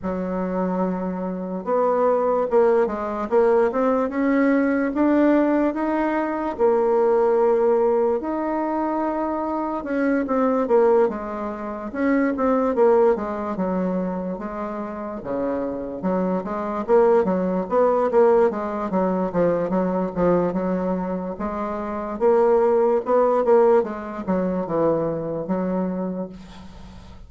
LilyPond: \new Staff \with { instrumentName = "bassoon" } { \time 4/4 \tempo 4 = 73 fis2 b4 ais8 gis8 | ais8 c'8 cis'4 d'4 dis'4 | ais2 dis'2 | cis'8 c'8 ais8 gis4 cis'8 c'8 ais8 |
gis8 fis4 gis4 cis4 fis8 | gis8 ais8 fis8 b8 ais8 gis8 fis8 f8 | fis8 f8 fis4 gis4 ais4 | b8 ais8 gis8 fis8 e4 fis4 | }